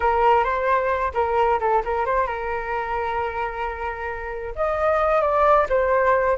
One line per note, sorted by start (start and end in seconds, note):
0.00 0.44 A#4
0.44 1.12 C5
1.14 1.59 A#4
1.60 1.82 A4
1.85 2.05 A#4
2.05 2.26 C5
2.26 4.54 A#4
4.55 5.21 D#5
5.21 5.67 D5
5.69 6.37 C5